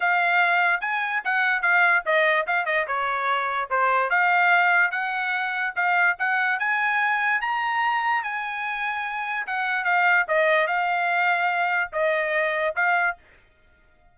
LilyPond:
\new Staff \with { instrumentName = "trumpet" } { \time 4/4 \tempo 4 = 146 f''2 gis''4 fis''4 | f''4 dis''4 f''8 dis''8 cis''4~ | cis''4 c''4 f''2 | fis''2 f''4 fis''4 |
gis''2 ais''2 | gis''2. fis''4 | f''4 dis''4 f''2~ | f''4 dis''2 f''4 | }